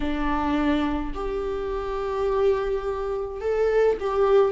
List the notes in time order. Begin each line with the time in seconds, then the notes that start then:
0.00 D4
1.14 G4
3.40 A4
3.99 G4